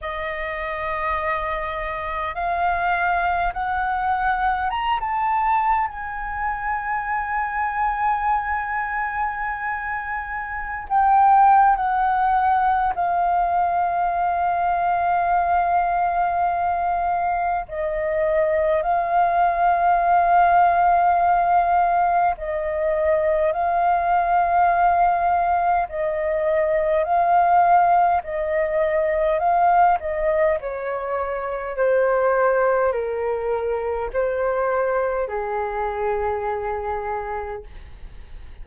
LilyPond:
\new Staff \with { instrumentName = "flute" } { \time 4/4 \tempo 4 = 51 dis''2 f''4 fis''4 | ais''16 a''8. gis''2.~ | gis''4~ gis''16 g''8. fis''4 f''4~ | f''2. dis''4 |
f''2. dis''4 | f''2 dis''4 f''4 | dis''4 f''8 dis''8 cis''4 c''4 | ais'4 c''4 gis'2 | }